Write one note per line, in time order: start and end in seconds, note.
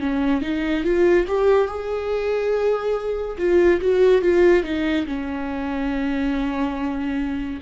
0.00 0.42 C#4
0.42 0.84 D#4
0.84 1.26 F4
1.28 1.68 G4
1.68 3.37 G#4
3.38 3.80 F4
3.81 4.22 F#4
4.22 4.64 F4
4.64 5.06 D#4
5.07 7.60 C#4